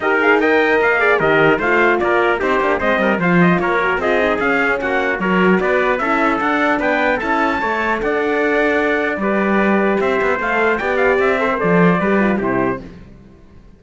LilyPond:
<<
  \new Staff \with { instrumentName = "trumpet" } { \time 4/4 \tempo 4 = 150 dis''8 f''8 g''4 f''4 dis''4 | f''4 d''4 c''4 dis''4 | f''8 dis''8 cis''4 dis''4 f''4 | fis''4 cis''4 d''4 e''4 |
fis''4 g''4 a''2 | fis''2. d''4~ | d''4 e''4 f''4 g''8 f''8 | e''4 d''2 c''4 | }
  \new Staff \with { instrumentName = "trumpet" } { \time 4/4 ais'4 dis''4. d''8 ais'4 | c''4 ais'4 g'4 c''8 ais'8 | c''4 ais'4 gis'2 | fis'4 ais'4 b'4 a'4~ |
a'4 b'4 a'4 cis''4 | d''2. b'4~ | b'4 c''2 d''4~ | d''8 c''4. b'4 g'4 | }
  \new Staff \with { instrumentName = "horn" } { \time 4/4 g'8 gis'8 ais'4. gis'8 g'4 | f'2 dis'8 d'8 c'4 | f'4. fis'8 f'8 dis'8 cis'4~ | cis'4 fis'2 e'4 |
d'2 e'4 a'4~ | a'2. g'4~ | g'2 a'4 g'4~ | g'8 a'16 ais'16 a'4 g'8 f'8 e'4 | }
  \new Staff \with { instrumentName = "cello" } { \time 4/4 dis'2 ais4 dis4 | a4 ais4 c'8 ais8 gis8 g8 | f4 ais4 c'4 cis'4 | ais4 fis4 b4 cis'4 |
d'4 b4 cis'4 a4 | d'2. g4~ | g4 c'8 b8 a4 b4 | c'4 f4 g4 c4 | }
>>